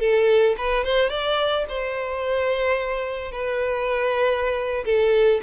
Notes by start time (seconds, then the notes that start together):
0.00 A4
0.58 B4
0.84 C5
1.10 D5
1.69 C5
3.32 B4
4.85 A4